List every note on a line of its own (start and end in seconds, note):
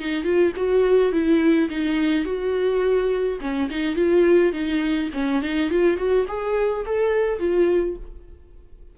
0.00 0.24 D#4
0.24 0.53 F4
0.57 1.12 F#4
1.12 1.70 E4
1.70 2.25 D#4
2.25 3.39 F#4
3.41 3.70 C#4
3.71 3.96 D#4
3.96 4.53 F4
4.53 5.10 D#4
5.14 5.43 C#4
5.43 5.71 D#4
5.71 5.98 F4
5.98 6.26 F#4
6.29 6.86 G#4
6.86 7.40 A4
7.40 7.97 F4